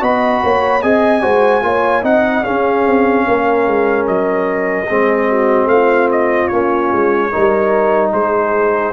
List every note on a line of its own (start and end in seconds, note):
0.00 0.42 B3
0.00 0.81 F#4
0.00 0.41 D#5
0.00 0.82 B5
0.43 0.83 A#3
0.43 0.83 C#5
0.82 1.23 C4
0.82 1.21 G#4
0.82 1.22 D#5
0.82 2.04 G#5
1.21 1.63 G#3
1.21 1.62 F#4
1.21 1.63 C5
1.62 2.03 A#3
1.62 2.02 F4
1.62 2.03 C#5
2.02 2.44 C4
2.02 2.43 D#4
2.02 2.44 D#5
2.02 2.44 F#5
2.43 4.86 C#4
2.43 2.86 C#4
2.43 3.25 G#4
2.43 4.06 F5
2.86 3.27 C4
3.27 3.67 A#3
3.27 4.88 A#4
3.67 4.07 G#3
4.07 4.89 F#3
4.07 5.68 D#5
4.88 5.65 G#3
4.88 6.52 C4
4.88 5.28 G#4
5.29 5.69 F#4
5.65 6.46 A3
5.65 6.09 F5
5.72 7.31 F4
6.11 6.48 D#5
6.48 6.92 A#3
6.48 7.31 C#4
6.48 8.10 C#5
6.92 7.33 G#3
7.31 8.12 G3
7.31 8.93 D#4
7.31 8.12 A#4
8.12 8.93 G#3
8.12 8.93 G#4
8.12 8.93 C5